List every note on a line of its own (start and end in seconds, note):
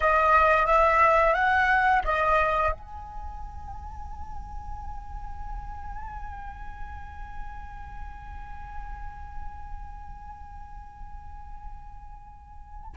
0.00 0.65 D#5
0.65 1.34 E5
1.34 2.02 F#5
2.04 2.72 D#5
2.72 12.95 G#5